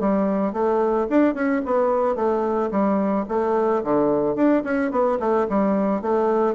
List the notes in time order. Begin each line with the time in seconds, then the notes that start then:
0.00 G3
0.53 A3
1.10 D4
1.34 C#4
1.65 B3
2.15 A3
2.71 G3
3.29 A3
3.84 D3
4.35 D4
4.64 C#4
4.91 B3
5.19 A3
5.49 G3
6.01 A3